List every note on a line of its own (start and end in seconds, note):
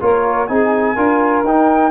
0.00 0.49 A#3
0.00 0.48 F4
0.00 0.49 A#4
0.00 0.46 C#5
0.46 0.96 C4
0.46 0.96 D#4
0.46 0.94 G#4
0.46 1.43 G#5
0.94 1.44 D4
0.94 1.44 F4
0.94 1.90 A#4
1.44 1.90 D#4
1.44 1.90 G5